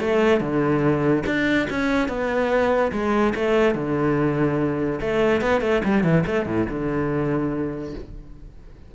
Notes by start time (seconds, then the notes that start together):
0.00 A3
0.40 D3
1.26 D4
1.70 C#4
2.08 B3
2.92 G#3
3.35 A3
3.75 D3
5.01 A3
5.41 B3
5.61 A3
5.84 G3
6.04 E3
6.26 A3
6.46 A2
6.69 D3